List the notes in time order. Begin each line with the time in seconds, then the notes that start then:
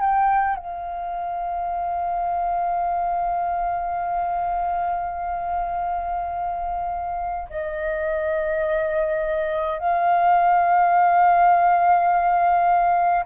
0.00 G5
0.56 F5
7.49 D#5
9.79 F5